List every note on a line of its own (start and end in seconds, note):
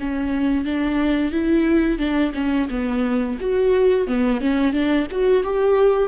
0.00 0.65 C#4
0.65 1.32 D4
1.32 1.99 E4
1.99 2.33 D4
2.35 2.69 C#4
2.70 3.38 B3
3.41 4.08 F#4
4.08 4.41 B3
4.41 4.73 C#4
4.73 5.07 D4
5.11 5.44 F#4
5.44 6.09 G4